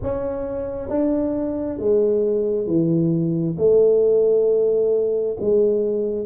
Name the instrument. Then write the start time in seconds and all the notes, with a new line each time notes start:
tuba
0.02 C#4
0.89 D4
1.78 G#3
2.66 E3
3.57 A3
5.40 G#3